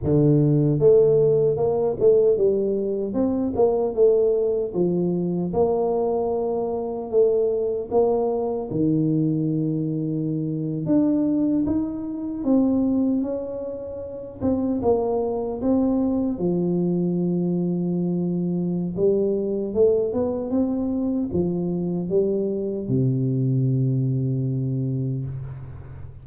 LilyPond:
\new Staff \with { instrumentName = "tuba" } { \time 4/4 \tempo 4 = 76 d4 a4 ais8 a8 g4 | c'8 ais8 a4 f4 ais4~ | ais4 a4 ais4 dis4~ | dis4.~ dis16 d'4 dis'4 c'16~ |
c'8. cis'4. c'8 ais4 c'16~ | c'8. f2.~ f16 | g4 a8 b8 c'4 f4 | g4 c2. | }